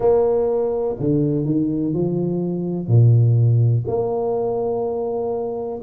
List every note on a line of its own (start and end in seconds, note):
0.00 0.96 A#3
0.99 1.45 D3
1.45 1.94 D#3
1.94 2.87 F3
2.87 3.84 A#2
3.87 5.80 A#3